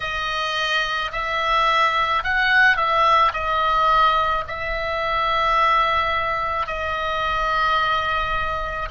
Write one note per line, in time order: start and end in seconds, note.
0.00 1.11 D#5
1.12 2.23 E5
2.23 2.76 F#5
2.76 3.32 E5
3.33 4.44 D#5
4.47 6.66 E5
6.66 8.88 D#5